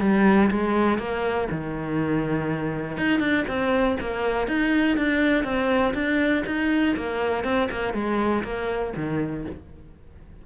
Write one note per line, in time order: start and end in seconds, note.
0.00 0.50 G3
0.50 0.98 G#3
0.98 1.47 A#3
1.50 2.97 D#3
2.97 3.19 D#4
3.19 3.44 D4
3.47 3.97 C4
4.00 4.47 A#3
4.47 4.97 D#4
4.97 5.44 D4
5.44 5.93 C4
5.93 6.43 D4
6.46 6.95 D#4
6.96 7.44 A#3
7.44 7.68 C4
7.71 7.93 A#3
7.93 8.43 G#3
8.43 8.93 A#3
8.96 9.45 D#3